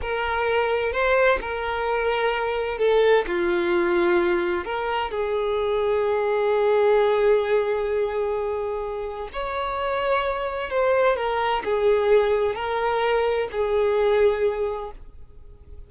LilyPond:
\new Staff \with { instrumentName = "violin" } { \time 4/4 \tempo 4 = 129 ais'2 c''4 ais'4~ | ais'2 a'4 f'4~ | f'2 ais'4 gis'4~ | gis'1~ |
gis'1 | cis''2. c''4 | ais'4 gis'2 ais'4~ | ais'4 gis'2. | }